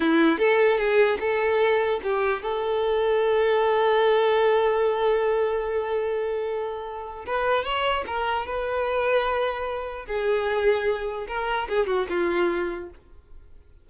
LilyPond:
\new Staff \with { instrumentName = "violin" } { \time 4/4 \tempo 4 = 149 e'4 a'4 gis'4 a'4~ | a'4 g'4 a'2~ | a'1~ | a'1~ |
a'2 b'4 cis''4 | ais'4 b'2.~ | b'4 gis'2. | ais'4 gis'8 fis'8 f'2 | }